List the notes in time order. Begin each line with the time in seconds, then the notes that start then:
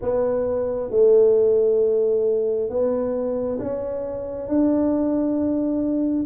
0.01 B3
0.90 A3
2.69 B3
3.59 C#4
4.48 D4